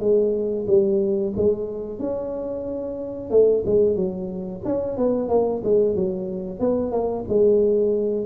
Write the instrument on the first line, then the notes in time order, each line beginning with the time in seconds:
tuba
0.00 G#3
0.67 G3
1.37 G#3
1.99 C#4
3.31 A3
3.66 G#3
3.96 F#3
4.65 C#4
4.98 B3
5.29 A#3
5.64 G#3
5.95 F#3
6.60 B3
6.92 A#3
7.29 G#3